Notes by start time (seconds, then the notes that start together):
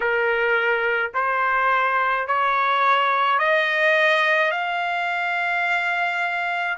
0.00 A#4
1.13 C5
2.27 C#5
3.38 D#5
4.51 F5